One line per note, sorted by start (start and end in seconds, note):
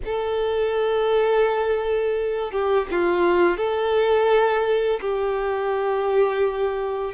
0.05 2.51 A4
2.51 2.87 G4
2.90 3.57 F4
3.57 5.00 A4
5.01 7.13 G4